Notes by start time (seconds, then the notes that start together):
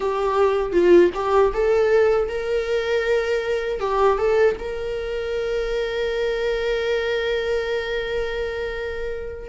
0.00 G4
0.72 F4
1.14 G4
1.53 A4
2.28 A#4
3.80 G4
4.18 A4
4.59 A#4